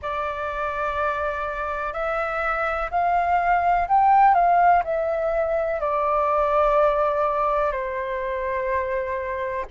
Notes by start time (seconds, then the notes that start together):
0.02 D5
1.93 E5
2.90 F5
3.88 G5
4.34 F5
4.84 E5
5.80 D5
7.72 C5